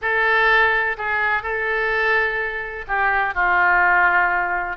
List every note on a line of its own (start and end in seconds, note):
0.01 0.97 A4
0.97 1.42 G#4
1.42 2.85 A4
2.87 3.34 G4
3.34 4.76 F4